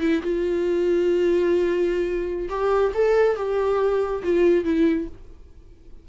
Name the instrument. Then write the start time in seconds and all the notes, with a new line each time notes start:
viola
0.00 E4
0.22 F4
2.49 G4
2.94 A4
3.36 G4
4.23 F4
4.64 E4